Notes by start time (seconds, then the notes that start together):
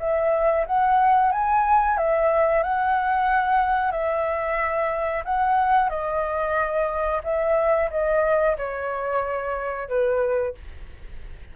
0.00 E5
0.67 F#5
1.32 G#5
1.98 E5
2.63 F#5
3.92 E5
5.25 F#5
5.90 D#5
7.24 E5
7.91 D#5
8.58 C#5
9.89 B4